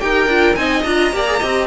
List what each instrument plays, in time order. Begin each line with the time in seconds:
0.00 cello D#4, viola G4, violin A#4 G5
0.27 cello D4, viola F4
0.55 cello C4, viola D#4, violin D#5 G#5
0.83 cello D4, viola F4, violin A#5
1.12 cello A#3, viola G4, violin D5
1.27 viola G#4
1.39 cello C4, viola G4, violin D#5